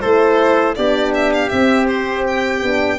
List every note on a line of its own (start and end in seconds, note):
0.00 0.77 A3
0.00 0.76 E4
0.00 0.75 A4
0.00 0.74 C5
0.75 1.52 B3
0.75 1.50 D4
0.75 2.99 G4
0.75 1.12 D5
1.14 1.32 E5
1.33 1.49 F5
1.49 2.61 C4
1.49 2.62 C4
1.49 1.86 E5
1.87 2.24 C5
2.27 2.99 G5
2.62 2.99 B3
2.62 2.99 D4